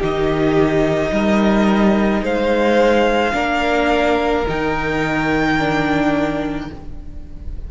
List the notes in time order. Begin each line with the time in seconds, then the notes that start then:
0.00 D#3 D#4 G4 D#5
1.12 G3 A#4
2.22 G#3 C5 F5
3.33 A#3 D4 A#4
4.49 D#3 D#4 G5
5.59 D4